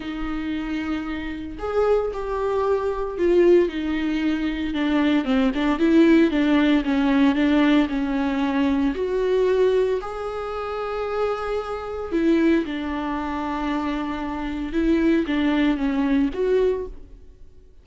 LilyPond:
\new Staff \with { instrumentName = "viola" } { \time 4/4 \tempo 4 = 114 dis'2. gis'4 | g'2 f'4 dis'4~ | dis'4 d'4 c'8 d'8 e'4 | d'4 cis'4 d'4 cis'4~ |
cis'4 fis'2 gis'4~ | gis'2. e'4 | d'1 | e'4 d'4 cis'4 fis'4 | }